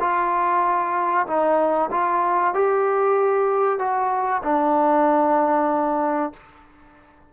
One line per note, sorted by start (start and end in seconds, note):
0.00 1.26 F4
1.27 1.90 D#4
1.91 2.54 F4
2.54 3.79 G4
3.79 4.42 F#4
4.44 6.33 D4